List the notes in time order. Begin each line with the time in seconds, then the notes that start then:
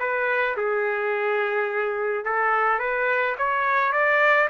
0.00 B4
0.57 G#4
2.25 A4
2.80 B4
3.38 C#5
3.93 D5